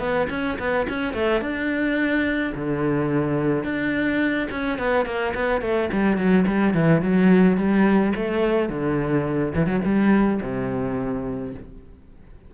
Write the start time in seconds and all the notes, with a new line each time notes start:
0.00 B3
0.30 C#4
0.59 B3
0.89 C#4
1.14 A3
1.42 D4
2.55 D3
3.64 D4
4.51 C#4
4.79 B3
5.06 A#3
5.35 B3
5.62 A3
5.93 G3
6.18 F#3
6.47 G3
6.74 E3
7.02 F#3
7.58 G3
8.16 A3
8.70 D3
9.55 E3
9.67 F#3
9.85 G3
10.42 C3